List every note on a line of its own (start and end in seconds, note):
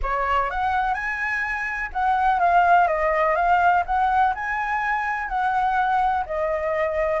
0.02 0.50 C#5
0.50 0.94 F#5
0.94 1.90 G#5
1.92 2.39 F#5
2.39 2.87 F5
2.87 3.35 D#5
3.35 3.83 F5
3.85 4.33 F#5
4.34 5.28 G#5
5.28 6.24 F#5
6.26 7.20 D#5